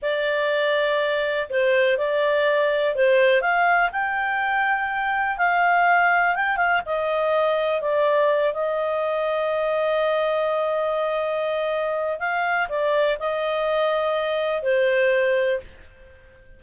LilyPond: \new Staff \with { instrumentName = "clarinet" } { \time 4/4 \tempo 4 = 123 d''2. c''4 | d''2 c''4 f''4 | g''2. f''4~ | f''4 g''8 f''8 dis''2 |
d''4. dis''2~ dis''8~ | dis''1~ | dis''4 f''4 d''4 dis''4~ | dis''2 c''2 | }